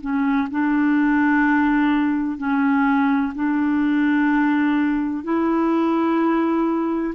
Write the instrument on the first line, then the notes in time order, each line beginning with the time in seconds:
clarinet
0.00 C#4
0.51 D4
2.37 C#4
3.35 D4
5.23 E4